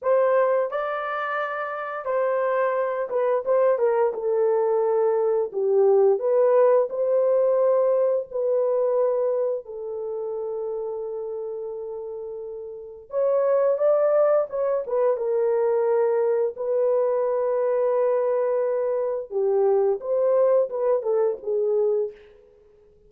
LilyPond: \new Staff \with { instrumentName = "horn" } { \time 4/4 \tempo 4 = 87 c''4 d''2 c''4~ | c''8 b'8 c''8 ais'8 a'2 | g'4 b'4 c''2 | b'2 a'2~ |
a'2. cis''4 | d''4 cis''8 b'8 ais'2 | b'1 | g'4 c''4 b'8 a'8 gis'4 | }